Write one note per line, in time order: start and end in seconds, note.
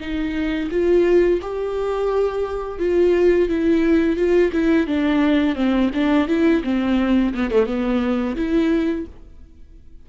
0.00 0.70 D#4
0.71 1.40 F4
1.41 2.79 G4
2.79 3.49 F4
3.49 4.16 E4
4.16 4.51 F4
4.53 4.87 E4
4.87 5.55 D4
5.55 5.90 C4
5.94 6.28 D4
6.28 6.62 E4
6.64 7.34 C4
7.34 7.51 B3
7.51 7.66 A3
7.66 8.36 B3
8.36 9.06 E4